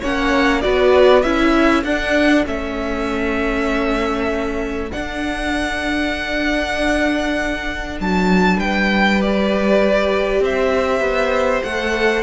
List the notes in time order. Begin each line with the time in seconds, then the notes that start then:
0.00 A#3 C#4 C#5 F#5
0.62 B3 F#4 B4 D5
1.23 C#4 E4 E5
1.54 A4
1.84 D4 F#5
2.46 A3 C#4 E5
4.91 D4 F#5
8.01 F#3 A5
8.57 G3 B4 G5
9.21 G4 D5
10.40 C4 C5 E5
11.00 B3
11.63 A3 A4 F#5